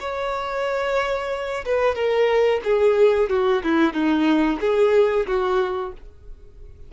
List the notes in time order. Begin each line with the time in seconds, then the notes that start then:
0.00 C#5
1.65 B4
1.95 A#4
2.64 G#4
3.30 F#4
3.64 E4
3.94 D#4
4.61 G#4
5.27 F#4